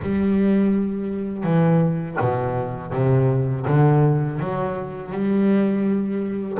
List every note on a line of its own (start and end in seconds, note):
0.02 1.43 G3
1.43 2.16 E3
2.20 2.93 B2
2.93 3.66 C3
3.67 4.39 D3
4.39 5.12 F#3
5.12 6.58 G3